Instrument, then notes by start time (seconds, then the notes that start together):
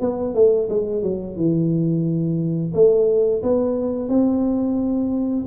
tuba
0.00 B3
0.34 A3
0.69 G#3
1.02 F#3
1.36 E3
2.74 A3
3.42 B3
4.08 C4